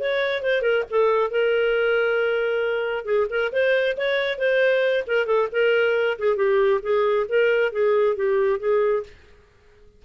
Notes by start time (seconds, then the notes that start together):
0.00 C#5
0.43 C5
0.62 A#4
0.90 A4
1.31 A#4
3.05 G#4
3.30 A#4
3.53 C5
3.97 C#5
4.38 C5
5.07 A#4
5.27 A4
5.52 A#4
6.19 G#4
6.36 G4
6.83 G#4
7.29 A#4
7.73 G#4
8.16 G4
8.59 G#4